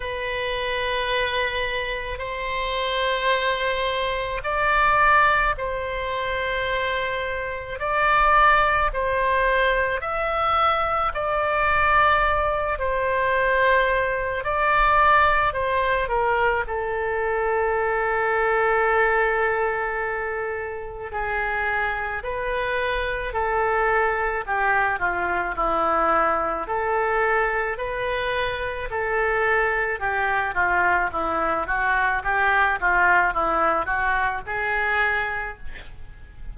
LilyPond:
\new Staff \with { instrumentName = "oboe" } { \time 4/4 \tempo 4 = 54 b'2 c''2 | d''4 c''2 d''4 | c''4 e''4 d''4. c''8~ | c''4 d''4 c''8 ais'8 a'4~ |
a'2. gis'4 | b'4 a'4 g'8 f'8 e'4 | a'4 b'4 a'4 g'8 f'8 | e'8 fis'8 g'8 f'8 e'8 fis'8 gis'4 | }